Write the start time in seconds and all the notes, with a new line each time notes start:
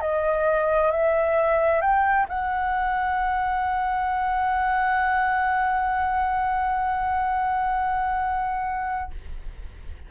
0.00 D#5
0.91 E5
1.81 G5
2.29 F#5